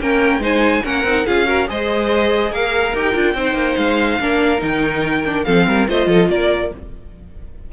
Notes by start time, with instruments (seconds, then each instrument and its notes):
0.00 cello A#3, viola C#4, violin A#4 G5
0.39 cello G#3, viola D#4, violin C5 G#5
0.84 cello A#3, viola C#4, violin A#4 F#5
1.04 cello C4, viola D#4
1.26 cello C#4, viola F4, violin G#4 F5
1.46 viola F#4, violin A#4
1.67 cello G#3, viola G#4, violin C5 D#5
2.51 cello A#3, violin A#4 F5
2.94 cello D#4, viola G4, violin G5
3.15 cello D4, viola F4
3.34 cello C4, viola D#4, violin C5
3.54 cello A#3
3.77 cello G#3, violin F5
4.20 cello A#3, viola D4, violin A#4
4.59 cello D#3, viola D#4, violin G5
5.26 viola D4
5.45 cello F3, viola C4, violin A4 F5
5.67 cello G3, violin A#4
5.88 cello A3, viola F4, violin C5 D#5
6.07 cello F3, violin A4
6.29 cello A#3, violin A#4 D5